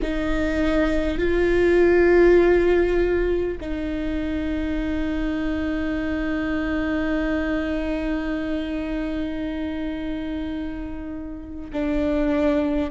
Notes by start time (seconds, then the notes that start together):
0.02 D#4
1.17 F4
3.60 D#4
11.73 D4